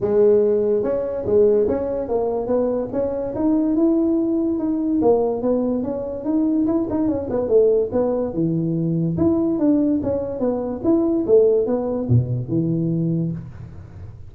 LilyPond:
\new Staff \with { instrumentName = "tuba" } { \time 4/4 \tempo 4 = 144 gis2 cis'4 gis4 | cis'4 ais4 b4 cis'4 | dis'4 e'2 dis'4 | ais4 b4 cis'4 dis'4 |
e'8 dis'8 cis'8 b8 a4 b4 | e2 e'4 d'4 | cis'4 b4 e'4 a4 | b4 b,4 e2 | }